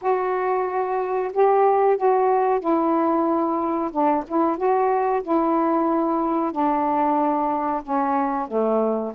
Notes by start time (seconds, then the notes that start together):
0.01 F#4
1.32 G4
1.97 F#4
2.60 E4
3.91 D4
4.27 E4
4.57 F#4
5.22 E4
6.52 D4
7.83 C#4
8.47 A3